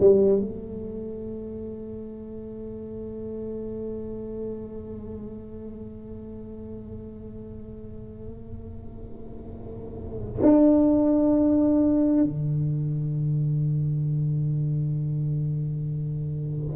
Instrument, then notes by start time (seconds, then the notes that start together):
tuba
0.00 G3
0.40 A3
10.42 D4
12.24 D3